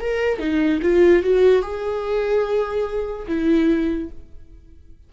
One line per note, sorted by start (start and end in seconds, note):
0.00 0.39 A#4
0.39 0.80 D#4
0.82 1.22 F4
1.22 1.62 F#4
1.62 3.26 G#4
3.27 4.09 E4